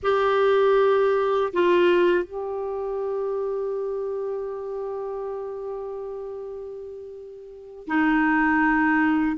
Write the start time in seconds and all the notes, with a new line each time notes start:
0.02 G4
1.53 F4
2.24 G4
7.87 D#4